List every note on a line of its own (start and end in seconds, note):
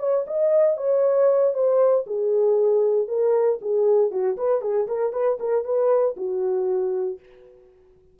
0.00 0.26 C#5
0.28 0.78 D#5
0.78 1.54 C#5
1.54 2.05 C5
2.07 3.08 G#4
3.08 3.60 A#4
3.62 4.12 G#4
4.12 4.37 F#4
4.38 4.62 B4
4.62 4.88 G#4
4.88 5.13 A#4
5.13 5.38 B4
5.40 5.65 A#4
5.65 6.16 B4
6.17 7.20 F#4